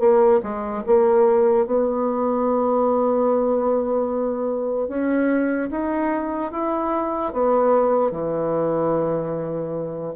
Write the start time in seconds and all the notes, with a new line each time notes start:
0.00 A#3
0.43 G#3
0.87 A#3
1.66 B3
4.88 C#4
5.71 D#4
6.52 E4
7.33 B3
8.12 E3